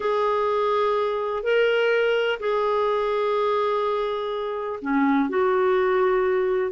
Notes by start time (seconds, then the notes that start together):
0.00 G#4
1.43 A#4
2.39 G#4
4.81 C#4
5.29 F#4